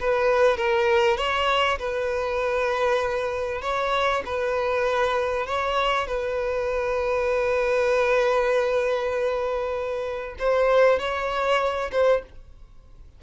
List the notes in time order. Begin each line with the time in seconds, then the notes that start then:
0.00 B4
0.57 A#4
1.17 C#5
1.79 B4
3.62 C#5
4.25 B4
5.46 C#5
6.07 B4
10.39 C5
10.99 C#5
11.91 C5